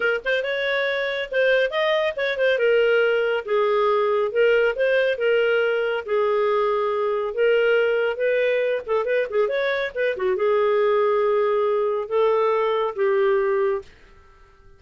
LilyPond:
\new Staff \with { instrumentName = "clarinet" } { \time 4/4 \tempo 4 = 139 ais'8 c''8 cis''2 c''4 | dis''4 cis''8 c''8 ais'2 | gis'2 ais'4 c''4 | ais'2 gis'2~ |
gis'4 ais'2 b'4~ | b'8 a'8 b'8 gis'8 cis''4 b'8 fis'8 | gis'1 | a'2 g'2 | }